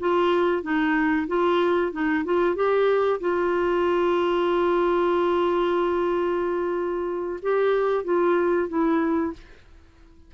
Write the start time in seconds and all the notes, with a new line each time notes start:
0.00 F4
0.63 D#4
1.28 F4
1.92 D#4
2.25 F4
2.55 G4
3.21 F4
7.42 G4
8.04 F4
8.69 E4